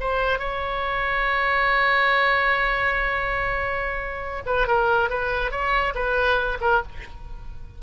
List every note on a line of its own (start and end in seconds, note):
0.00 0.39 C5
0.39 4.43 C#5
4.46 4.68 B4
4.68 5.10 A#4
5.10 5.51 B4
5.51 5.94 C#5
5.95 6.59 B4
6.61 6.82 A#4